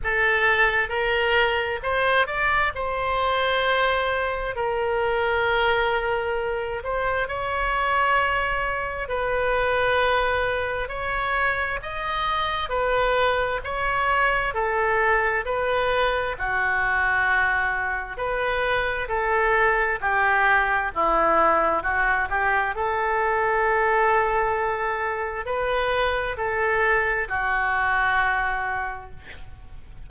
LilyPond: \new Staff \with { instrumentName = "oboe" } { \time 4/4 \tempo 4 = 66 a'4 ais'4 c''8 d''8 c''4~ | c''4 ais'2~ ais'8 c''8 | cis''2 b'2 | cis''4 dis''4 b'4 cis''4 |
a'4 b'4 fis'2 | b'4 a'4 g'4 e'4 | fis'8 g'8 a'2. | b'4 a'4 fis'2 | }